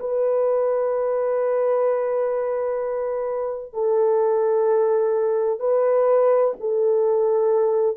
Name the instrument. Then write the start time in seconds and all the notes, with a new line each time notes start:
horn
0.00 B4
3.74 A4
5.60 B4
6.61 A4